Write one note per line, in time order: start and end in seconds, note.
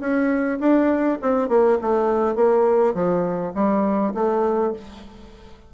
0.00 0.59 C#4
0.60 1.18 D4
1.21 1.48 C4
1.48 1.78 A#3
1.81 2.35 A3
2.35 2.94 A#3
2.94 3.53 F3
3.54 4.13 G3
4.14 4.73 A3